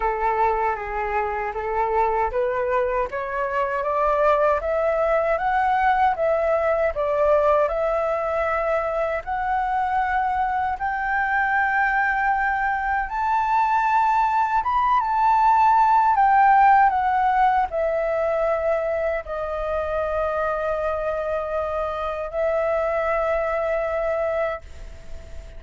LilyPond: \new Staff \with { instrumentName = "flute" } { \time 4/4 \tempo 4 = 78 a'4 gis'4 a'4 b'4 | cis''4 d''4 e''4 fis''4 | e''4 d''4 e''2 | fis''2 g''2~ |
g''4 a''2 b''8 a''8~ | a''4 g''4 fis''4 e''4~ | e''4 dis''2.~ | dis''4 e''2. | }